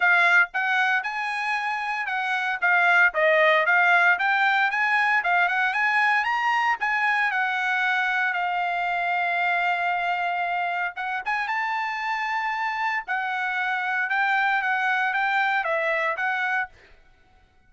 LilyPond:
\new Staff \with { instrumentName = "trumpet" } { \time 4/4 \tempo 4 = 115 f''4 fis''4 gis''2 | fis''4 f''4 dis''4 f''4 | g''4 gis''4 f''8 fis''8 gis''4 | ais''4 gis''4 fis''2 |
f''1~ | f''4 fis''8 gis''8 a''2~ | a''4 fis''2 g''4 | fis''4 g''4 e''4 fis''4 | }